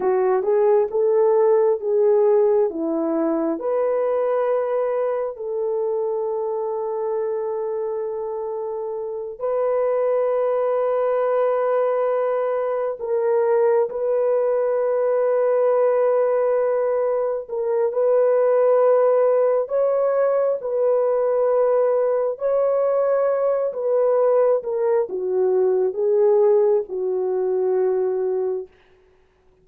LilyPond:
\new Staff \with { instrumentName = "horn" } { \time 4/4 \tempo 4 = 67 fis'8 gis'8 a'4 gis'4 e'4 | b'2 a'2~ | a'2~ a'8 b'4.~ | b'2~ b'8 ais'4 b'8~ |
b'2.~ b'8 ais'8 | b'2 cis''4 b'4~ | b'4 cis''4. b'4 ais'8 | fis'4 gis'4 fis'2 | }